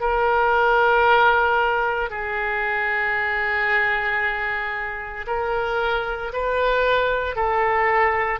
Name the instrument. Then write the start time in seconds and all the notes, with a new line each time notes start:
oboe
0.00 A#4
2.10 G#4
5.26 A#4
6.33 B4
7.35 A4